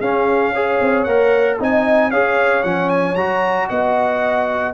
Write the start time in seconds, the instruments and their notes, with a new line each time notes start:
0.00 tuba C#4, trombone C#4, horn G#4, trumpet F5
0.53 trombone G#4, horn C#5
0.81 tuba C4
1.04 tuba A#3, trombone A#4, trumpet F#5
1.60 tuba C4, trombone D#4, horn D#5, trumpet G#5
2.11 tuba C#4, trombone G#4, horn C#5, trumpet F5
2.63 tuba F3, trombone C#4, trumpet F#5
2.89 trumpet G#5
3.15 tuba F#3, trombone F#4, trumpet A#5
3.69 tuba B3, horn D#5, trumpet F#5